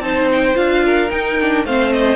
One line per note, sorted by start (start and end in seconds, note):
0.00 0.54 C4
0.00 0.54 D#4
0.00 0.85 C5
0.00 0.28 A5
0.32 0.57 G5
0.54 1.11 D4
0.54 1.08 F4
0.54 1.10 F5
0.85 1.66 A#4
1.10 1.38 D#4
1.10 1.65 D#4
1.10 1.65 G5
1.41 1.66 D4
1.65 2.17 A3
1.65 2.17 C4
1.65 2.17 C5
1.65 1.93 F5
1.93 2.17 D#5